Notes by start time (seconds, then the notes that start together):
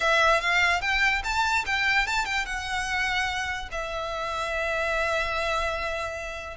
0.00 E5
0.40 F5
0.81 G5
1.23 A5
1.66 G5
2.06 A5
2.25 G5
2.45 F#5
3.71 E5